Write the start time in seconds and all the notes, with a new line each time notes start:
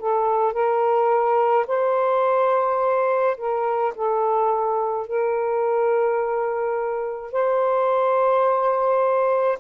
0.00 A4
0.54 A#4
1.68 C5
3.38 A#4
3.96 A4
5.07 A#4
7.32 C5